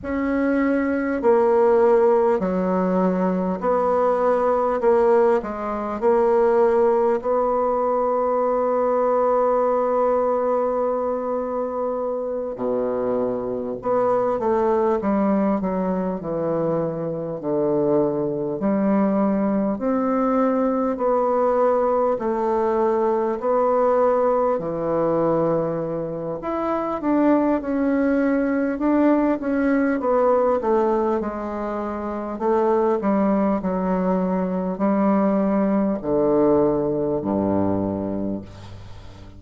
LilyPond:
\new Staff \with { instrumentName = "bassoon" } { \time 4/4 \tempo 4 = 50 cis'4 ais4 fis4 b4 | ais8 gis8 ais4 b2~ | b2~ b8 b,4 b8 | a8 g8 fis8 e4 d4 g8~ |
g8 c'4 b4 a4 b8~ | b8 e4. e'8 d'8 cis'4 | d'8 cis'8 b8 a8 gis4 a8 g8 | fis4 g4 d4 g,4 | }